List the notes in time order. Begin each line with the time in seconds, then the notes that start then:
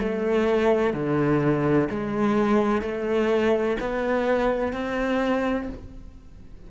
0.00 A3
0.94 D3
1.90 G#3
2.82 A3
3.81 B3
4.74 C4